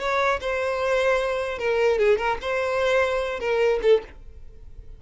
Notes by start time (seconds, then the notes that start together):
0.00 C#5
0.41 C5
1.59 A#4
1.99 G#4
2.18 A#4
2.42 C5
3.40 A#4
3.83 A4